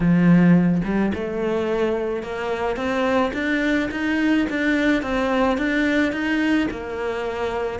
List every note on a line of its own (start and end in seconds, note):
0.00 0.81 F3
0.84 1.12 G3
1.14 2.22 A3
2.22 2.76 A#3
2.76 3.31 C4
3.33 3.89 D4
3.91 4.46 D#4
4.49 5.02 D4
5.02 5.57 C4
5.57 6.12 D4
6.12 6.67 D#4
6.70 7.79 A#3